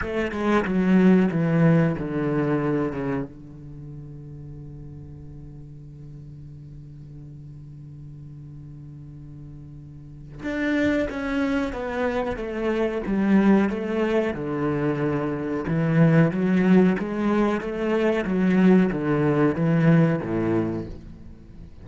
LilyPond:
\new Staff \with { instrumentName = "cello" } { \time 4/4 \tempo 4 = 92 a8 gis8 fis4 e4 d4~ | d8 cis8 d2.~ | d1~ | d1 |
d'4 cis'4 b4 a4 | g4 a4 d2 | e4 fis4 gis4 a4 | fis4 d4 e4 a,4 | }